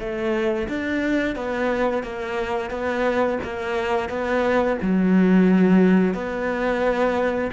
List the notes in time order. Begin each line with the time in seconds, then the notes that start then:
0.00 A3
0.69 D4
1.36 B3
2.04 A#3
2.71 B3
3.44 A#3
4.09 B3
4.82 F#3
6.15 B3